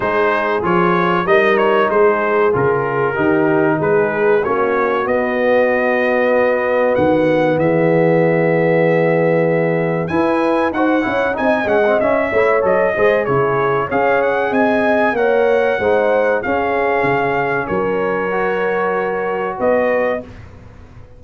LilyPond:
<<
  \new Staff \with { instrumentName = "trumpet" } { \time 4/4 \tempo 4 = 95 c''4 cis''4 dis''8 cis''8 c''4 | ais'2 b'4 cis''4 | dis''2. fis''4 | e''1 |
gis''4 fis''4 gis''8 fis''8 e''4 | dis''4 cis''4 f''8 fis''8 gis''4 | fis''2 f''2 | cis''2. dis''4 | }
  \new Staff \with { instrumentName = "horn" } { \time 4/4 gis'2 ais'4 gis'4~ | gis'4 g'4 gis'4 fis'4~ | fis'1 | gis'1 |
b'4 c''8 cis''8 dis''4. cis''8~ | cis''8 c''8 gis'4 cis''4 dis''4 | cis''4 c''4 gis'2 | ais'2. b'4 | }
  \new Staff \with { instrumentName = "trombone" } { \time 4/4 dis'4 f'4 dis'2 | f'4 dis'2 cis'4 | b1~ | b1 |
e'4 fis'8 e'8 dis'8 cis'16 c'16 cis'8 e'8 | a'8 gis'8 e'4 gis'2 | ais'4 dis'4 cis'2~ | cis'4 fis'2. | }
  \new Staff \with { instrumentName = "tuba" } { \time 4/4 gis4 f4 g4 gis4 | cis4 dis4 gis4 ais4 | b2. dis4 | e1 |
e'4 dis'8 cis'8 c'8 gis8 cis'8 a8 | fis8 gis8 cis4 cis'4 c'4 | ais4 gis4 cis'4 cis4 | fis2. b4 | }
>>